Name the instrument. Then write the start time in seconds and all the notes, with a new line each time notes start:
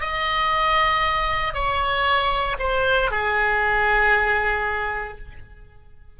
oboe
0.00 D#5
1.54 C#5
2.59 C5
3.11 G#4